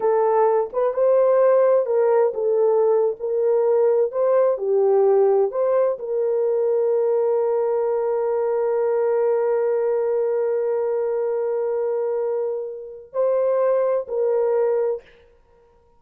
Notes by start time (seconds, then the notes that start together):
0.00 A4
0.72 B4
0.93 C5
1.86 A#4
2.34 A4
3.19 A#4
4.11 C5
4.57 G4
5.51 C5
5.98 A#4
13.12 C5
14.08 A#4